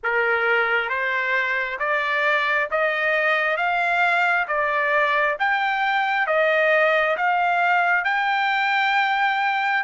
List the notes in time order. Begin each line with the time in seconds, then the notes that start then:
0.02 A#4
0.89 C5
1.79 D5
2.70 D#5
3.56 F5
4.47 D5
5.39 G5
6.26 D#5
7.16 F5
8.04 G5